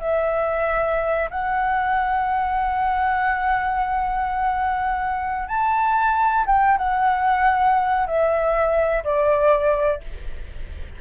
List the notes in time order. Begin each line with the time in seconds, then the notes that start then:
0.00 E5
1.30 F#5
5.48 A5
6.46 G5
6.78 F#5
8.07 E5
9.04 D5